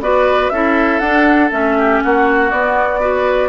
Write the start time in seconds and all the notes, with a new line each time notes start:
0.00 B3 F#4 B4 D5
0.49 C#4 E4 A4 E5
0.99 D4 F#5
1.50 A3 C#4 E5
1.78 G4
2.02 A#3 F#4 F#5
2.50 B3 D5
3.00 F#4 B4